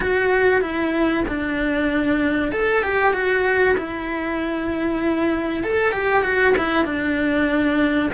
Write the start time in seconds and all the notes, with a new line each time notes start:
0.00 F#4
0.61 E4
1.28 D4
2.51 A4
2.82 G4
3.13 F#4
3.77 E4
5.63 A4
5.91 G4
6.23 F#4
6.57 E4
6.84 D4